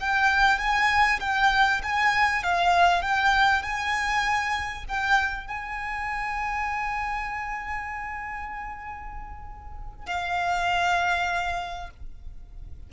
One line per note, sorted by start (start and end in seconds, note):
0.00 0.59 G5
0.59 1.20 G#5
1.20 1.81 G5
1.83 2.44 G#5
2.44 3.02 F5
3.02 3.63 G5
3.63 4.85 G#5
4.88 5.47 G5
5.47 10.06 G#5
10.07 11.90 F5